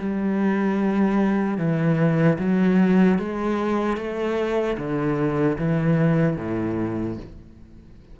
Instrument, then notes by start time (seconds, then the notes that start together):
cello
0.00 G3
1.58 E3
2.39 F#3
3.19 G#3
3.97 A3
4.78 D3
5.59 E3
6.37 A2